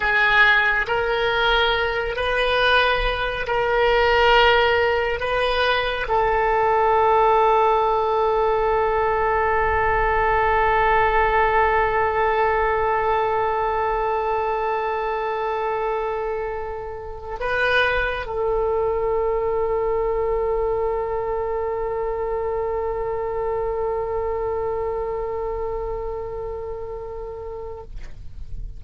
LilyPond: \new Staff \with { instrumentName = "oboe" } { \time 4/4 \tempo 4 = 69 gis'4 ais'4. b'4. | ais'2 b'4 a'4~ | a'1~ | a'1~ |
a'1 | b'4 a'2.~ | a'1~ | a'1 | }